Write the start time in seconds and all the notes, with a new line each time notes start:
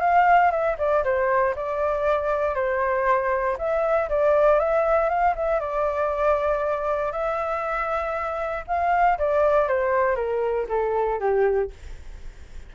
0.00 F5
0.51 E5
0.78 D5
1.04 C5
1.55 D5
2.54 C5
3.58 E5
4.09 D5
4.59 E5
5.09 F5
5.35 E5
5.60 D5
7.11 E5
8.67 F5
9.18 D5
9.67 C5
10.15 A#4
10.68 A4
11.19 G4